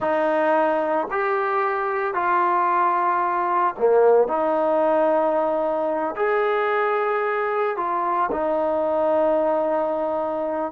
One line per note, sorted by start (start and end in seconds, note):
0.00 1.07 D#4
1.10 2.14 G4
2.14 3.74 F4
3.78 4.27 A#3
4.27 6.15 D#4
6.16 7.76 G#4
7.76 8.30 F4
8.31 10.71 D#4